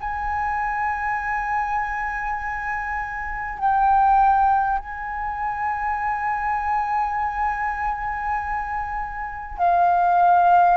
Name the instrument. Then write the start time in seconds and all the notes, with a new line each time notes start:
flute
0.00 G#5
3.59 G5
4.78 G#5
9.58 F5